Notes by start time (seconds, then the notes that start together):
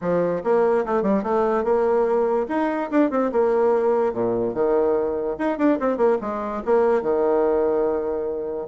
0.01 F3
0.43 A#3
0.85 A3
1.02 G3
1.23 A3
1.64 A#3
2.48 D#4
2.91 D4
3.10 C4
3.32 A#3
4.13 A#2
4.53 D#3
5.38 D#4
5.58 D4
5.79 C4
5.97 A#3
6.21 G#3
6.65 A#3
7.02 D#3